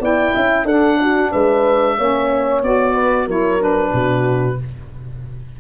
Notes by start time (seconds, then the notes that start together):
0.00 B3 E4 D5 G5
0.35 C#4 E5
0.64 D4 A4 F#5
1.01 F#4
1.32 G#3 B4 E5
1.97 A#3 C#4 C#5
2.63 B3 F#4 D5
2.94 B4
3.27 F#3 E4 A#4 C#5
3.59 D4 B4
3.93 B2 F#4